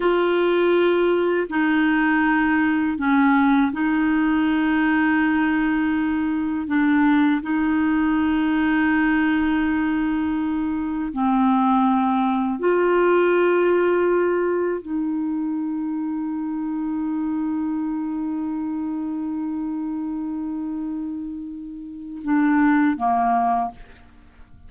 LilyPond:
\new Staff \with { instrumentName = "clarinet" } { \time 4/4 \tempo 4 = 81 f'2 dis'2 | cis'4 dis'2.~ | dis'4 d'4 dis'2~ | dis'2. c'4~ |
c'4 f'2. | dis'1~ | dis'1~ | dis'2 d'4 ais4 | }